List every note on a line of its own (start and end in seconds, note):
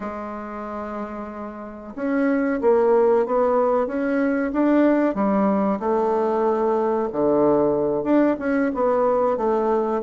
0.00 1.94 G#3
1.95 2.60 C#4
2.61 3.26 A#3
3.26 3.87 B3
3.87 4.51 C#4
4.52 5.14 D4
5.14 5.79 G3
5.79 7.08 A3
7.12 8.03 D3
8.03 8.35 D4
8.39 8.71 C#4
8.74 9.37 B3
9.37 10.01 A3